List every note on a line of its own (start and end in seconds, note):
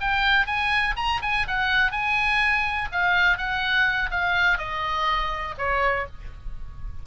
0.00 0.46 G5
0.46 0.94 G#5
0.96 1.20 A#5
1.22 1.46 G#5
1.47 1.91 F#5
1.91 2.88 G#5
2.91 3.37 F5
3.37 4.10 F#5
4.10 4.58 F5
4.58 5.54 D#5
5.58 6.06 C#5